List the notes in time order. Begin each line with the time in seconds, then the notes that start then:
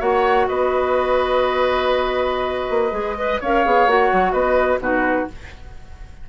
0.00 A#3 F#4 C#5 F#5
0.48 B3 B4 D#5
2.70 A#3
2.92 G#3 G#4
3.18 B4 D#5
3.41 C#4 A#4 C#5 F5
3.66 B3 G#4
3.87 A#3 F#4 F#5
4.13 F#3
4.33 B3 B4 D#5
4.79 B2 D#4 F#4 B4